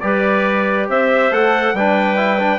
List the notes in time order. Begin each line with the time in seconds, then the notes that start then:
0.00 G3 G4 B4 D5
0.88 C4 C5 E5
1.31 A3 A4 F#5
1.73 G3 D4 B4 G5
2.16 E4
2.39 D4